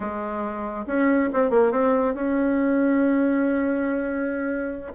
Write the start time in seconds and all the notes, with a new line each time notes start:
0.00 G#3
0.86 C#4
1.33 C4
1.50 A#3
1.71 C4
2.14 C#4